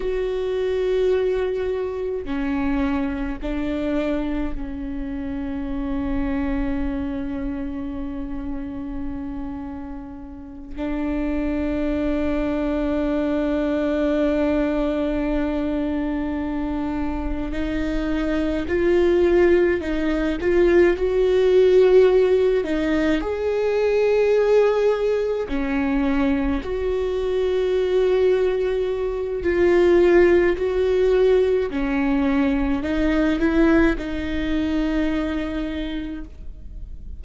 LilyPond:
\new Staff \with { instrumentName = "viola" } { \time 4/4 \tempo 4 = 53 fis'2 cis'4 d'4 | cis'1~ | cis'4. d'2~ d'8~ | d'2.~ d'8 dis'8~ |
dis'8 f'4 dis'8 f'8 fis'4. | dis'8 gis'2 cis'4 fis'8~ | fis'2 f'4 fis'4 | cis'4 dis'8 e'8 dis'2 | }